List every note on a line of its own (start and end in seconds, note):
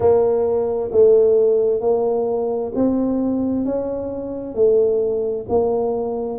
0.00 0.90 A#3
0.91 1.81 A3
1.81 2.71 A#3
2.74 3.65 C4
3.65 4.55 C#4
4.55 5.45 A3
5.48 6.38 A#3